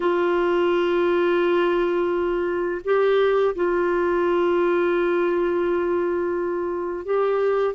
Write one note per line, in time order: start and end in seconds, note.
0.00 2.81 F4
2.84 3.55 G4
3.55 7.05 F4
7.05 7.74 G4